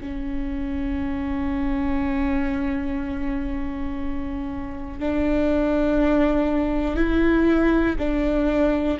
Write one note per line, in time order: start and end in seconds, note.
0.00 4.99 C#4
4.99 6.96 D4
6.96 7.96 E4
7.98 8.98 D4